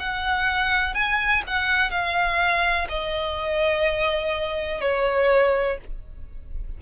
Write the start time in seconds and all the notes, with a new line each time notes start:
0.00 F#5
0.95 G#5
1.47 F#5
1.91 F5
2.89 D#5
4.81 C#5